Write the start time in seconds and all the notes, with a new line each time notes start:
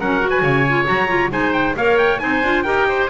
0.00 F#3 C#4 A#4 F#5
0.21 F#4
0.30 B4 G#5
0.42 C#3 C#5
0.69 F4
0.85 F#3 F#4 A#5
1.08 F4
1.30 G#3 D#4 C5 G#5
1.53 G5
1.77 A#3 A#4 C#5 F5
1.98 G5
2.20 C4 D#4 C5 G#5
2.44 D4 F4
2.63 D#4 G4 A#4 G5
2.89 C5